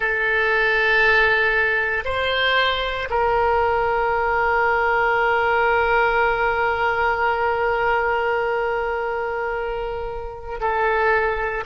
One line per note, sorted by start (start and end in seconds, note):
0.00 2.04 A4
2.05 3.08 C5
3.10 10.60 A#4
10.60 11.64 A4